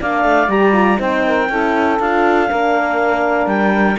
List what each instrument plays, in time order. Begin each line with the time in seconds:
0.00 cello A#3, horn D4, saxophone D5, clarinet F5
0.24 cello A3
0.47 cello G3, horn G4, clarinet A#5
0.72 horn F4
0.97 cello C4, horn D#4, saxophone C5, clarinet G5
1.26 saxophone A#4
1.49 cello C#4, horn E4, saxophone A4
1.99 cello D4, horn F4, clarinet F5
2.49 cello A#3, horn D4, saxophone A#4
3.46 cello G3, clarinet G5